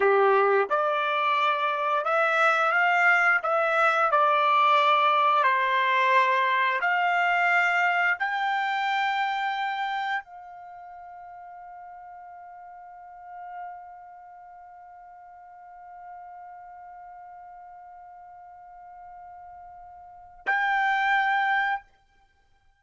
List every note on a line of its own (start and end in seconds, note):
0.00 0.68 G4
0.69 2.05 D5
2.05 2.72 E5
2.72 3.40 F5
3.42 4.11 E5
4.11 5.43 D5
5.43 6.80 C5
6.81 8.17 F5
8.19 10.23 G5
10.23 20.46 F5
20.46 21.82 G5